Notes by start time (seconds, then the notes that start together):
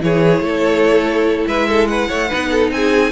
0.00 E3 E4 G#4 C#5
0.40 A3 A4
1.47 G#3 B4 E5
1.68 A4
1.87 B4 F#5
2.08 A3 C#5
2.28 B3 D#4 B4
2.51 A4
2.71 C4 G#4 G#5